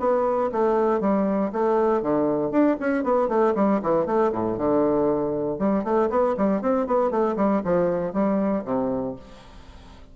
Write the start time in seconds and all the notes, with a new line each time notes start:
0.00 B3
0.52 A3
1.01 G3
1.53 A3
2.02 D3
2.51 D4
2.81 C#4
3.04 B3
3.29 A3
3.56 G3
3.83 E3
4.06 A3
4.33 A2
4.58 D3
5.59 G3
5.85 A3
6.10 B3
6.37 G3
6.62 C4
6.87 B3
7.11 A3
7.37 G3
7.65 F3
8.14 G3
8.65 C3